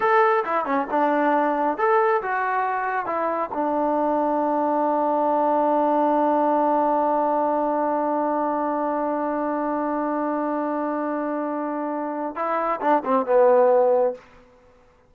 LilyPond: \new Staff \with { instrumentName = "trombone" } { \time 4/4 \tempo 4 = 136 a'4 e'8 cis'8 d'2 | a'4 fis'2 e'4 | d'1~ | d'1~ |
d'1~ | d'1~ | d'1 | e'4 d'8 c'8 b2 | }